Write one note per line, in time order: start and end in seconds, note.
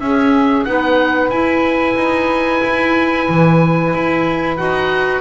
0.00 0.65 C#4
0.00 0.68 G#4
0.00 0.65 E5
0.65 1.31 B3
0.65 1.31 D#4
0.65 5.21 B4
0.65 1.30 F#5
1.30 1.96 E4
1.30 4.57 E4
1.30 4.56 G#5
1.96 2.61 D#4
2.63 3.28 E4
3.29 3.94 E3
3.94 4.59 E4
4.57 5.21 D#4
4.57 5.21 F#4
4.57 5.21 F#5